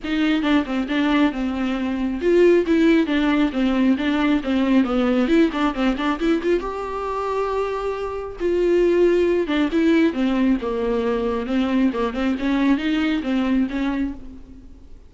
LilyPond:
\new Staff \with { instrumentName = "viola" } { \time 4/4 \tempo 4 = 136 dis'4 d'8 c'8 d'4 c'4~ | c'4 f'4 e'4 d'4 | c'4 d'4 c'4 b4 | e'8 d'8 c'8 d'8 e'8 f'8 g'4~ |
g'2. f'4~ | f'4. d'8 e'4 c'4 | ais2 c'4 ais8 c'8 | cis'4 dis'4 c'4 cis'4 | }